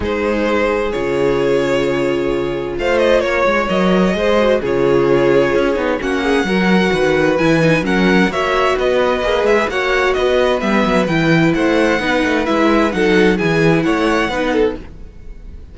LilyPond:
<<
  \new Staff \with { instrumentName = "violin" } { \time 4/4 \tempo 4 = 130 c''2 cis''2~ | cis''2 f''8 dis''8 cis''4 | dis''2 cis''2~ | cis''4 fis''2. |
gis''4 fis''4 e''4 dis''4~ | dis''8 e''8 fis''4 dis''4 e''4 | g''4 fis''2 e''4 | fis''4 gis''4 fis''2 | }
  \new Staff \with { instrumentName = "violin" } { \time 4/4 gis'1~ | gis'2 c''4 cis''4~ | cis''4 c''4 gis'2~ | gis'4 fis'8 gis'8 ais'4 b'4~ |
b'4 ais'4 cis''4 b'4~ | b'4 cis''4 b'2~ | b'4 c''4 b'2 | a'4 gis'4 cis''4 b'8 a'8 | }
  \new Staff \with { instrumentName = "viola" } { \time 4/4 dis'2 f'2~ | f'1 | ais'4 gis'8 fis'8 f'2~ | f'8 dis'8 cis'4 fis'2 |
e'8 dis'8 cis'4 fis'2 | gis'4 fis'2 b4 | e'2 dis'4 e'4 | dis'4 e'2 dis'4 | }
  \new Staff \with { instrumentName = "cello" } { \time 4/4 gis2 cis2~ | cis2 a4 ais8 gis8 | fis4 gis4 cis2 | cis'8 b8 ais4 fis4 dis4 |
e4 fis4 ais4 b4 | ais8 gis8 ais4 b4 g8 fis8 | e4 a4 b8 a8 gis4 | fis4 e4 a4 b4 | }
>>